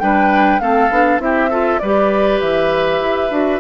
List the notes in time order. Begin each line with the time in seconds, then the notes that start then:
0.00 G3 D4 B4 G5
0.60 A3 C4 A4 F5
0.90 B3 D4
1.19 C4 E4 G4 E5
1.50 F4 A4
1.79 G3 G4 B4 D5
2.41 E3 E5
3.00 E4
3.30 D4 F#4